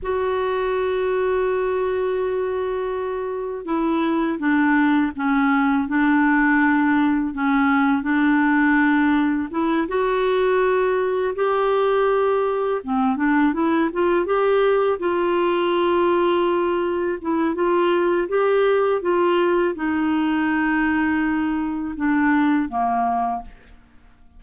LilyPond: \new Staff \with { instrumentName = "clarinet" } { \time 4/4 \tempo 4 = 82 fis'1~ | fis'4 e'4 d'4 cis'4 | d'2 cis'4 d'4~ | d'4 e'8 fis'2 g'8~ |
g'4. c'8 d'8 e'8 f'8 g'8~ | g'8 f'2. e'8 | f'4 g'4 f'4 dis'4~ | dis'2 d'4 ais4 | }